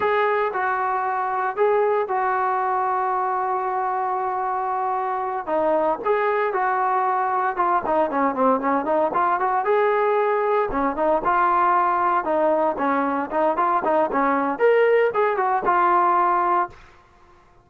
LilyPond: \new Staff \with { instrumentName = "trombone" } { \time 4/4 \tempo 4 = 115 gis'4 fis'2 gis'4 | fis'1~ | fis'2~ fis'8 dis'4 gis'8~ | gis'8 fis'2 f'8 dis'8 cis'8 |
c'8 cis'8 dis'8 f'8 fis'8 gis'4.~ | gis'8 cis'8 dis'8 f'2 dis'8~ | dis'8 cis'4 dis'8 f'8 dis'8 cis'4 | ais'4 gis'8 fis'8 f'2 | }